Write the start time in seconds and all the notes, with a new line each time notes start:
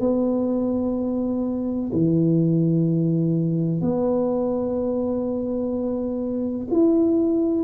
0.00 B3
1.92 E3
3.81 B3
6.71 E4